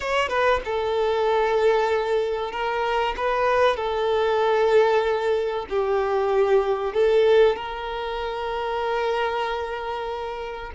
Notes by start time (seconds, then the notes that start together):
0.00 C#5
0.28 B4
0.64 A4
2.51 A#4
3.17 B4
3.76 A4
5.69 G4
6.93 A4
7.56 A#4